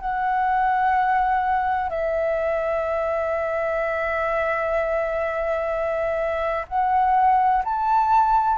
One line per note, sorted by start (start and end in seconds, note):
0.00 1.89 F#5
1.89 6.65 E5
6.68 7.63 F#5
7.65 8.57 A5